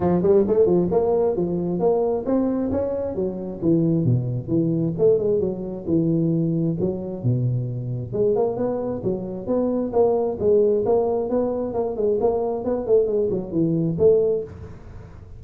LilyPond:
\new Staff \with { instrumentName = "tuba" } { \time 4/4 \tempo 4 = 133 f8 g8 a8 f8 ais4 f4 | ais4 c'4 cis'4 fis4 | e4 b,4 e4 a8 gis8 | fis4 e2 fis4 |
b,2 gis8 ais8 b4 | fis4 b4 ais4 gis4 | ais4 b4 ais8 gis8 ais4 | b8 a8 gis8 fis8 e4 a4 | }